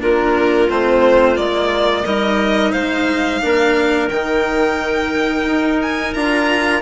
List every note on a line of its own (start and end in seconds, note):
0.00 0.69 A#3
0.00 0.68 D4
0.00 2.04 F4
0.00 0.69 A#4
0.69 1.38 A3
0.69 1.36 C4
0.69 1.37 C5
1.36 2.05 G#3
1.36 2.04 A#3
1.36 2.05 D5
2.04 2.73 G3
2.04 3.41 D#4
2.04 2.72 A#4
2.04 2.72 D#5
2.72 3.42 G#3
2.72 3.40 C5
2.72 4.08 F5
3.41 4.11 A#3
3.41 4.09 D4
3.41 6.82 A#4
4.09 5.45 D#3
4.09 6.16 D#4
4.09 5.80 G5
5.45 6.13 D#4
5.82 6.13 G#5
6.13 6.82 D4
6.13 6.82 F4
6.13 6.82 A#5